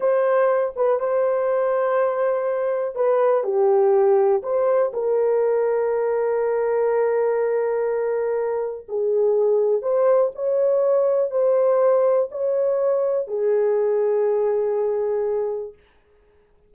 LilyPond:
\new Staff \with { instrumentName = "horn" } { \time 4/4 \tempo 4 = 122 c''4. b'8 c''2~ | c''2 b'4 g'4~ | g'4 c''4 ais'2~ | ais'1~ |
ais'2 gis'2 | c''4 cis''2 c''4~ | c''4 cis''2 gis'4~ | gis'1 | }